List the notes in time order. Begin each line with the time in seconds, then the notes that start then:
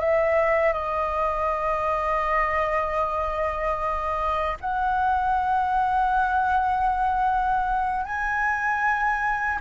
0.00 E5
0.73 D#5
4.61 F#5
8.06 G#5